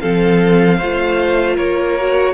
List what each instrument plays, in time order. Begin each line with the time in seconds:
0.00 cello F3, viola C4, violin A4 F5
0.77 cello A3, viola F4, violin C5
1.55 cello A#3, violin A#4 C#5
1.98 viola F#4